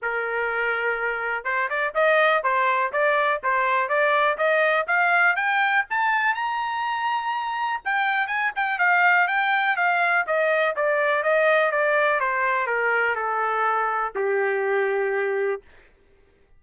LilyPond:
\new Staff \with { instrumentName = "trumpet" } { \time 4/4 \tempo 4 = 123 ais'2. c''8 d''8 | dis''4 c''4 d''4 c''4 | d''4 dis''4 f''4 g''4 | a''4 ais''2. |
g''4 gis''8 g''8 f''4 g''4 | f''4 dis''4 d''4 dis''4 | d''4 c''4 ais'4 a'4~ | a'4 g'2. | }